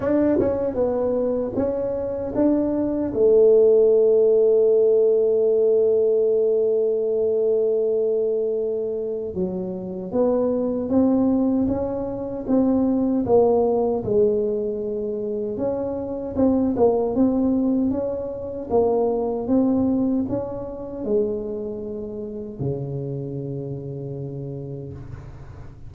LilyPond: \new Staff \with { instrumentName = "tuba" } { \time 4/4 \tempo 4 = 77 d'8 cis'8 b4 cis'4 d'4 | a1~ | a1 | fis4 b4 c'4 cis'4 |
c'4 ais4 gis2 | cis'4 c'8 ais8 c'4 cis'4 | ais4 c'4 cis'4 gis4~ | gis4 cis2. | }